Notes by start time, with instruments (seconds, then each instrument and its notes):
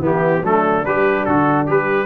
0.00 tuba E3, trombone B3, horn E4, trumpet G4
0.42 tuba F#3, trombone A3, horn D4, trumpet A4
0.85 tuba G3, trombone G4, trumpet B4
1.25 tuba D3, trombone F#4, trumpet A4
1.67 tuba G3, trombone G4, trumpet B4